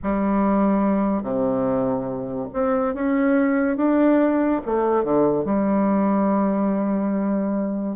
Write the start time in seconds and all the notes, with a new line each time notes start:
0.02 G3
1.22 C3
2.53 C4
2.94 C#4
3.76 D4
4.65 A3
5.03 D3
5.44 G3